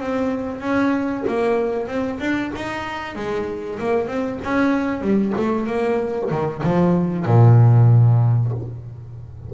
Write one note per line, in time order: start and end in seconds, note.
0.00 0.61 C4
0.61 1.24 C#4
1.28 1.87 A#3
1.87 2.19 C4
2.20 2.51 D4
2.56 3.16 D#4
3.16 3.79 G#3
3.79 4.08 A#3
4.08 4.39 C4
4.44 5.02 C#4
5.02 5.33 G3
5.37 5.67 A3
5.67 6.30 A#3
6.31 6.62 D#3
6.63 7.25 F3
7.25 8.52 A#2